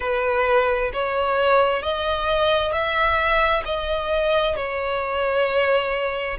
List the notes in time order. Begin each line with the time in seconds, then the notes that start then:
0.00 B4
0.93 C#5
1.82 D#5
2.72 E5
3.65 D#5
4.55 C#5